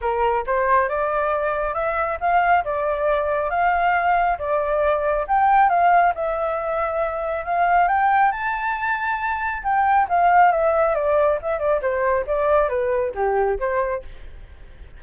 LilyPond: \new Staff \with { instrumentName = "flute" } { \time 4/4 \tempo 4 = 137 ais'4 c''4 d''2 | e''4 f''4 d''2 | f''2 d''2 | g''4 f''4 e''2~ |
e''4 f''4 g''4 a''4~ | a''2 g''4 f''4 | e''4 d''4 e''8 d''8 c''4 | d''4 b'4 g'4 c''4 | }